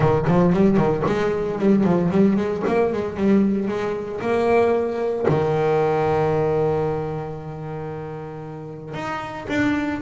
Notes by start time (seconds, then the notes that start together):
0.00 D#3
0.27 F3
0.52 G3
0.77 D#3
1.06 G#3
1.58 G3
1.83 F3
2.11 G3
2.36 G#3
2.66 A#3
2.92 G#3
3.16 G3
3.67 G#3
4.20 A#3
5.28 D#3
8.94 D#4
9.48 D4